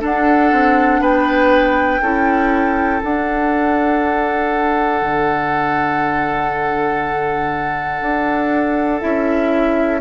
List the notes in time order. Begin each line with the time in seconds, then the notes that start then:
0.00 D4 A4 F#5
0.53 C4
1.01 B3 B4 G5
2.02 C#4 E4 A4
3.01 D4 F#5
5.02 D3
8.01 D4
9.01 C#4 E4 E5